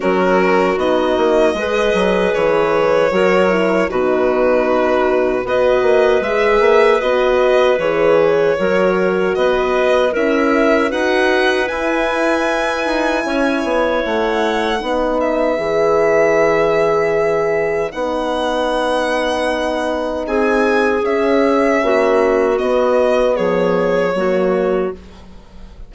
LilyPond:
<<
  \new Staff \with { instrumentName = "violin" } { \time 4/4 \tempo 4 = 77 ais'4 dis''2 cis''4~ | cis''4 b'2 dis''4 | e''4 dis''4 cis''2 | dis''4 e''4 fis''4 gis''4~ |
gis''2 fis''4. e''8~ | e''2. fis''4~ | fis''2 gis''4 e''4~ | e''4 dis''4 cis''2 | }
  \new Staff \with { instrumentName = "clarinet" } { \time 4/4 fis'2 b'2 | ais'4 fis'2 b'4~ | b'2. ais'4 | b'4 ais'4 b'2~ |
b'4 cis''2 b'4~ | b'1~ | b'2 gis'2 | fis'2 gis'4 fis'4 | }
  \new Staff \with { instrumentName = "horn" } { \time 4/4 cis'4 dis'4 gis'2 | fis'8 e'8 dis'2 fis'4 | gis'4 fis'4 gis'4 fis'4~ | fis'4 e'4 fis'4 e'4~ |
e'2. dis'4 | gis'2. dis'4~ | dis'2. cis'4~ | cis'4 b2 ais4 | }
  \new Staff \with { instrumentName = "bassoon" } { \time 4/4 fis4 b8 ais8 gis8 fis8 e4 | fis4 b,2 b8 ais8 | gis8 ais8 b4 e4 fis4 | b4 cis'4 dis'4 e'4~ |
e'8 dis'8 cis'8 b8 a4 b4 | e2. b4~ | b2 c'4 cis'4 | ais4 b4 f4 fis4 | }
>>